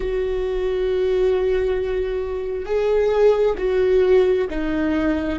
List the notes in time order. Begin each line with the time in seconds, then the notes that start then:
0.00 F#4
2.65 G#4
3.58 F#4
4.49 D#4